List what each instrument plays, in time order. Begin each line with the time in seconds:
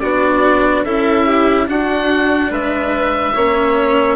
0.00 bassoon B3, cello D4, violin F#4, oboe D5
0.85 bassoon C#4, cello E4, violin A4, oboe E5
1.27 violin G4
1.67 cello D4, bassoon D4, violin F#4, oboe F#5
2.51 bassoon G#3, violin B4, oboe E5
3.35 bassoon A#3, cello C#4, violin C#5